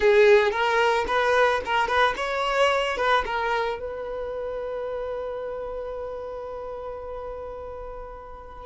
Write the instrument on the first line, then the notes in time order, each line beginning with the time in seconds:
violin
0.00 G#4
0.51 A#4
1.07 B4
1.65 A#4
1.87 B4
2.16 C#5
2.97 B4
3.25 A#4
3.79 B4